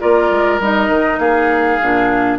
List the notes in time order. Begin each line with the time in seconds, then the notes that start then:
0.00 A#3 F4 A#4 D5
0.30 G#3
0.59 G3 D#4 D#5
0.89 D#3
1.18 A#3 G#4 F5
1.81 A#2 D4